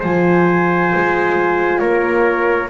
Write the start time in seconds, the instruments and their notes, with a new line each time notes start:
0.00 double bass F3, horn F4, trumpet C5, flute G#5
0.95 double bass G#3
1.79 double bass A#3, trumpet A#4, flute C#5